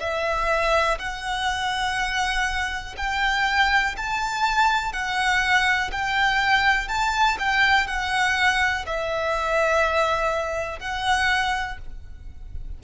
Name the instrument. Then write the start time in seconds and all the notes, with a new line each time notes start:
violin
0.00 E5
0.99 F#5
2.97 G5
3.97 A5
4.93 F#5
5.92 G5
6.89 A5
7.39 G5
7.87 F#5
8.86 E5
10.80 F#5